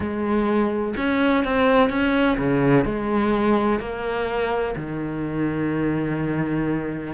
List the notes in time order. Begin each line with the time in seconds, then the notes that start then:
0.00 G#3
0.96 C#4
1.44 C4
1.89 C#4
2.37 C#3
2.84 G#3
3.79 A#3
4.76 D#3